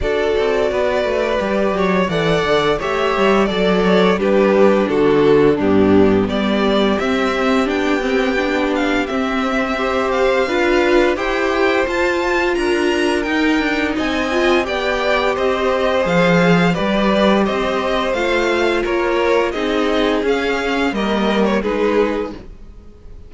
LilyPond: <<
  \new Staff \with { instrumentName = "violin" } { \time 4/4 \tempo 4 = 86 d''2. fis''4 | e''4 d''8 cis''8 b'4 a'4 | g'4 d''4 e''4 g''4~ | g''8 f''8 e''4. f''4. |
g''4 a''4 ais''4 g''4 | gis''4 g''4 dis''4 f''4 | d''4 dis''4 f''4 cis''4 | dis''4 f''4 dis''8. cis''16 b'4 | }
  \new Staff \with { instrumentName = "violin" } { \time 4/4 a'4 b'4. cis''8 d''4 | cis''4 d''4 g'4 fis'4 | d'4 g'2.~ | g'2 c''4 b'4 |
c''2 ais'2 | dis''4 d''4 c''2 | b'4 c''2 ais'4 | gis'2 ais'4 gis'4 | }
  \new Staff \with { instrumentName = "viola" } { \time 4/4 fis'2 g'4 a'4 | g'4 a'4 d'2 | b2 c'4 d'8 c'8 | d'4 c'4 g'4 f'4 |
g'4 f'2 dis'4~ | dis'8 f'8 g'2 gis'4 | g'2 f'2 | dis'4 cis'4 ais4 dis'4 | }
  \new Staff \with { instrumentName = "cello" } { \time 4/4 d'8 c'8 b8 a8 g8 fis8 e8 d8 | a8 g8 fis4 g4 d4 | g,4 g4 c'4 b4~ | b4 c'2 d'4 |
e'4 f'4 d'4 dis'8 d'8 | c'4 b4 c'4 f4 | g4 c'4 a4 ais4 | c'4 cis'4 g4 gis4 | }
>>